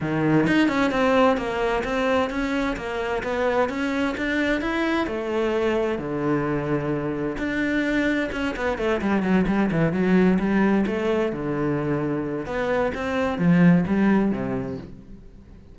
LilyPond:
\new Staff \with { instrumentName = "cello" } { \time 4/4 \tempo 4 = 130 dis4 dis'8 cis'8 c'4 ais4 | c'4 cis'4 ais4 b4 | cis'4 d'4 e'4 a4~ | a4 d2. |
d'2 cis'8 b8 a8 g8 | fis8 g8 e8 fis4 g4 a8~ | a8 d2~ d8 b4 | c'4 f4 g4 c4 | }